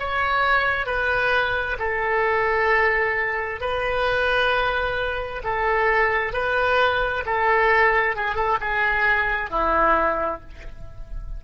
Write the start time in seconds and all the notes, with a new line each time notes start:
0.00 C#5
0.87 B4
1.79 A4
3.61 B4
5.44 A4
6.33 B4
7.26 A4
8.16 G#4
8.36 A4
8.61 G#4
9.51 E4